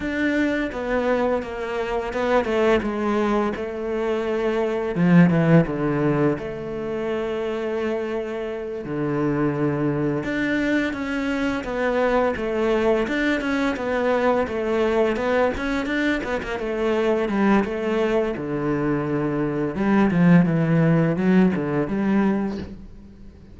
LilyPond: \new Staff \with { instrumentName = "cello" } { \time 4/4 \tempo 4 = 85 d'4 b4 ais4 b8 a8 | gis4 a2 f8 e8 | d4 a2.~ | a8 d2 d'4 cis'8~ |
cis'8 b4 a4 d'8 cis'8 b8~ | b8 a4 b8 cis'8 d'8 b16 ais16 a8~ | a8 g8 a4 d2 | g8 f8 e4 fis8 d8 g4 | }